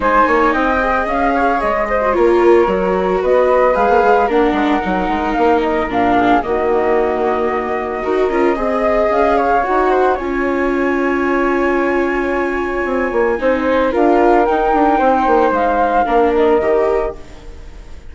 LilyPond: <<
  \new Staff \with { instrumentName = "flute" } { \time 4/4 \tempo 4 = 112 gis''4 g''4 f''4 dis''4 | cis''2 dis''4 f''4 | fis''2 f''8 dis''8 f''4 | dis''1~ |
dis''4 f''4 fis''4 gis''4~ | gis''1~ | gis''2 f''4 g''4~ | g''4 f''4. dis''4. | }
  \new Staff \with { instrumentName = "flute" } { \time 4/4 c''8 cis''8 dis''4. cis''4 c''8 | ais'2 b'2 | ais'2.~ ais'8 gis'8 | fis'2. ais'4 |
dis''4. cis''4 c''8 cis''4~ | cis''1~ | cis''4 c''4 ais'2 | c''2 ais'2 | }
  \new Staff \with { instrumentName = "viola" } { \time 4/4 dis'4. gis'2~ gis'16 fis'16 | f'4 fis'2 gis'4 | d'4 dis'2 d'4 | ais2. fis'8 f'8 |
gis'2 fis'4 f'4~ | f'1~ | f'4 dis'4 f'4 dis'4~ | dis'2 d'4 g'4 | }
  \new Staff \with { instrumentName = "bassoon" } { \time 4/4 gis8 ais8 c'4 cis'4 gis4 | ais4 fis4 b4 gis16 ais16 gis8 | ais8 gis8 fis8 gis8 ais4 ais,4 | dis2. dis'8 cis'8 |
c'4 cis'4 dis'4 cis'4~ | cis'1 | c'8 ais8 c'4 d'4 dis'8 d'8 | c'8 ais8 gis4 ais4 dis4 | }
>>